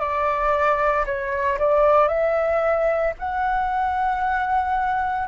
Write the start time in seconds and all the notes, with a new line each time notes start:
0.00 D5
1.06 C#5
1.59 D5
2.09 E5
3.19 F#5